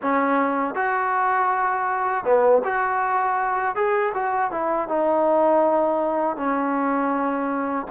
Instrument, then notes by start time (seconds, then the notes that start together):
trombone
0.02 C#4
0.75 F#4
2.24 B3
2.64 F#4
3.75 G#4
4.14 F#4
4.51 E4
4.88 D#4
6.36 C#4